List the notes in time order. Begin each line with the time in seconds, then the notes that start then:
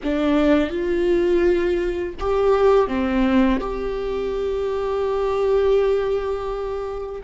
0.03 D4
0.69 F4
2.19 G4
2.87 C4
3.60 G4